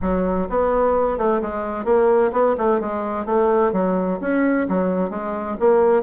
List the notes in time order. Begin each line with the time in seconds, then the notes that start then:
0.01 F#3
0.49 B3
1.18 A3
1.41 G#3
1.84 A#3
2.32 B3
2.57 A3
2.80 G#3
3.25 A3
3.72 F#3
4.20 C#4
4.68 F#3
5.10 G#3
5.59 A#3